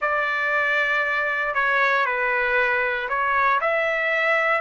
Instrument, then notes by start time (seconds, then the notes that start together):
trumpet
0.01 D5
1.54 C#5
2.05 B4
3.08 C#5
3.61 E5